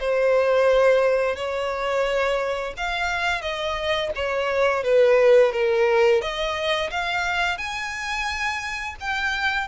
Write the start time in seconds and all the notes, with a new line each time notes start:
0.00 C5
1.36 C#5
2.77 F5
3.42 D#5
4.16 C#5
4.83 B4
5.52 A#4
6.22 D#5
6.91 F5
7.58 G#5
9.00 G5